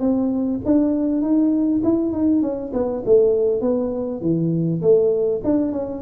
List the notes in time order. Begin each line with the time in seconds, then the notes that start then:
0.00 C4
0.65 D4
1.22 D#4
1.84 E4
2.12 D#4
2.42 C#4
2.73 B3
3.05 A3
3.61 B3
4.21 E3
4.81 A3
5.44 D4
5.72 C#4